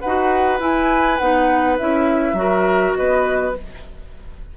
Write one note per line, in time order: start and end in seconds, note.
0.00 0.60 D#4
0.00 2.37 B4
0.00 0.59 F#5
0.07 0.60 F#4
0.60 1.19 E4
0.60 1.19 G#5
1.19 1.80 B3
1.19 1.79 D#4
1.19 1.77 F#5
1.78 2.33 C#4
1.78 2.36 E4
1.78 2.95 E5
2.33 2.92 F#3
2.33 3.54 F#4
2.40 2.98 A#4
2.95 3.57 B3
2.95 3.57 B4
2.95 3.54 D#5